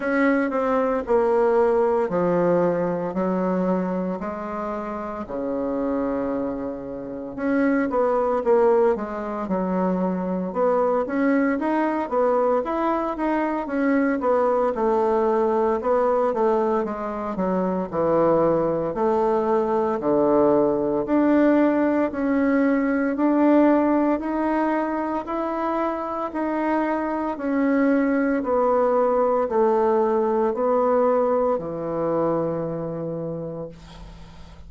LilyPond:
\new Staff \with { instrumentName = "bassoon" } { \time 4/4 \tempo 4 = 57 cis'8 c'8 ais4 f4 fis4 | gis4 cis2 cis'8 b8 | ais8 gis8 fis4 b8 cis'8 dis'8 b8 | e'8 dis'8 cis'8 b8 a4 b8 a8 |
gis8 fis8 e4 a4 d4 | d'4 cis'4 d'4 dis'4 | e'4 dis'4 cis'4 b4 | a4 b4 e2 | }